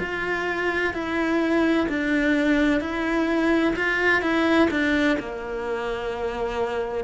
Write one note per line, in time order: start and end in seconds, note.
0.00 0.94 F4
0.94 1.87 E4
1.89 2.80 D4
2.80 3.74 E4
3.76 4.22 F4
4.22 4.69 E4
4.70 5.17 D4
5.19 7.04 A#3